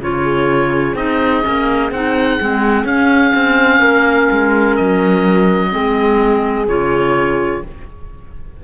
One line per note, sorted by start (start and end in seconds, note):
0.00 0.95 C#3
0.00 0.96 F4
0.00 3.79 G#4
0.00 0.96 C#5
0.95 1.42 C4
0.95 1.43 D#4
0.95 1.92 D#5
1.43 1.91 A#3
1.43 1.90 C#4
1.91 2.39 C4
1.91 2.40 D#4
1.91 2.86 F#5
2.40 2.84 G#3
2.40 2.87 C4
2.84 3.32 C#4
2.84 5.71 C#4
2.84 4.76 F5
3.35 3.80 C4
3.79 4.28 A#3
3.79 5.70 A#4
4.31 4.79 G#3
4.76 5.73 F#3
4.76 6.67 D#5
5.71 6.67 G#3
5.71 6.67 C4
5.71 7.63 G#4
6.67 7.62 C#3
6.67 7.63 F4
6.67 7.64 C#5